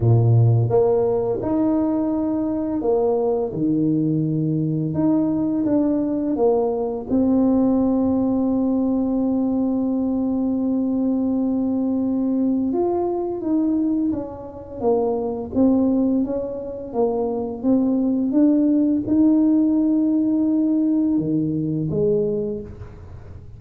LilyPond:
\new Staff \with { instrumentName = "tuba" } { \time 4/4 \tempo 4 = 85 ais,4 ais4 dis'2 | ais4 dis2 dis'4 | d'4 ais4 c'2~ | c'1~ |
c'2 f'4 dis'4 | cis'4 ais4 c'4 cis'4 | ais4 c'4 d'4 dis'4~ | dis'2 dis4 gis4 | }